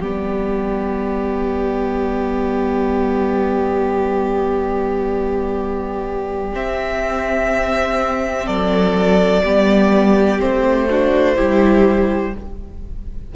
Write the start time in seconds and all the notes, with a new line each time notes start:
0.00 G3 B3 G4 D5
6.53 C4 E5
8.46 F#3 A4 D5
9.43 G3 B3 G4
10.39 A3 C4 C5
10.90 D4 F#4
11.36 G3 E4 G4